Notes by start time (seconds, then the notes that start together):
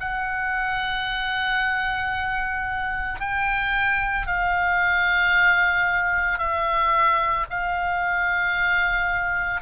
0.00 F#5
3.20 G5
4.27 F5
6.38 E5
7.50 F5